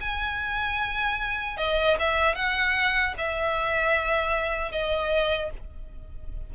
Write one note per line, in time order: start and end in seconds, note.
0.00 1.57 G#5
1.57 1.96 D#5
1.99 2.35 E5
2.35 3.14 F#5
3.17 4.71 E5
4.71 5.50 D#5